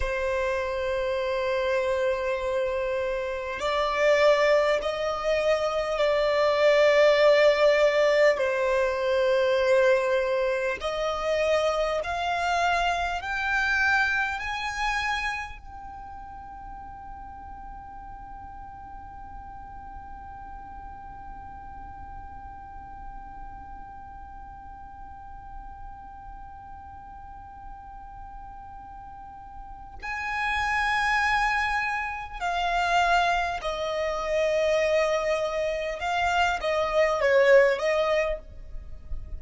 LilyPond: \new Staff \with { instrumentName = "violin" } { \time 4/4 \tempo 4 = 50 c''2. d''4 | dis''4 d''2 c''4~ | c''4 dis''4 f''4 g''4 | gis''4 g''2.~ |
g''1~ | g''1~ | g''4 gis''2 f''4 | dis''2 f''8 dis''8 cis''8 dis''8 | }